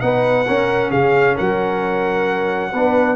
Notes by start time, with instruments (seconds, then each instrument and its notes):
0.00 tuba B3, trombone D#4, horn B4, trumpet F#5
0.47 trombone C#4, tuba C#4, horn A#4
0.90 tuba C#3, horn G#4, trumpet F5
1.35 tuba F#3, horn A#4, trumpet F#5
2.72 tuba B3, trombone D4, horn B4